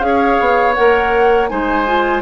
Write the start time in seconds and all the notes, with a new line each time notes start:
0.00 C#4 G#4 F5
0.06 C#5
0.40 B3
0.75 A#3 A#4 F#5
1.48 G#3 D#4 C5 G#5
1.86 F4